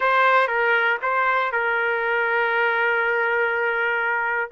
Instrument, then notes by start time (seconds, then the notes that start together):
trumpet
0.00 C5
0.47 A#4
1.02 C5
1.52 A#4